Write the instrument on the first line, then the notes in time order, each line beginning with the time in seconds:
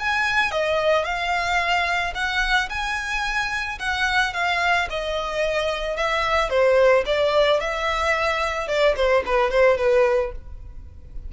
violin
0.00 G#5
0.52 D#5
1.05 F5
2.15 F#5
2.70 G#5
3.80 F#5
4.34 F5
4.90 D#5
5.97 E5
6.50 C5
7.06 D5
7.61 E5
8.68 D5
8.97 C5
9.27 B4
9.51 C5
9.78 B4